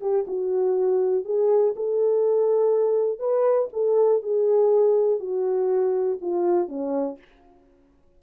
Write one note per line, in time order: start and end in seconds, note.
0.00 0.25 G4
0.27 1.25 F#4
1.25 1.74 G#4
1.76 3.19 A4
3.19 3.69 B4
3.73 4.22 A4
4.22 5.20 G#4
5.20 6.18 F#4
6.21 6.68 F4
6.68 7.18 C#4